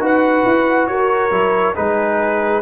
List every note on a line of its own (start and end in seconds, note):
0.00 0.44 D#4
0.00 1.30 F#4
0.00 0.89 B4
0.00 0.87 F#5
0.45 0.88 E4
0.87 1.32 F#4
0.87 1.76 A#4
0.87 1.74 C#5
1.32 1.75 F#3
1.32 1.75 E4
1.76 2.62 G#3
1.76 2.62 D#4
1.76 2.62 G#4
1.76 2.62 B4